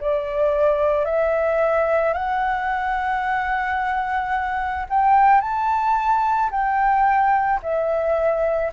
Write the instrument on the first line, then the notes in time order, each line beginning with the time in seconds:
flute
0.00 D5
1.05 E5
2.13 F#5
4.89 G5
5.41 A5
6.51 G5
7.63 E5